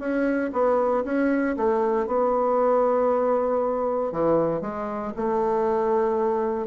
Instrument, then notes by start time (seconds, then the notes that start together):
bassoon
0.00 C#4
0.53 B3
1.05 C#4
1.57 A3
2.07 B3
4.12 E3
4.62 G#3
5.17 A3